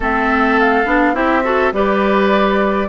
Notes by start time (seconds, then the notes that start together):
0.00 A3 C4 A4 E5
0.59 F5
0.85 B3 D4
1.14 C4 E4 G4 E5
1.43 F#4 A4
1.72 G3 G4 B4 D5